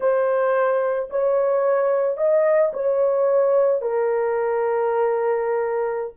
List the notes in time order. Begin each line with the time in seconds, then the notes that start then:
0.00 C5
1.09 C#5
2.17 D#5
2.73 C#5
3.81 A#4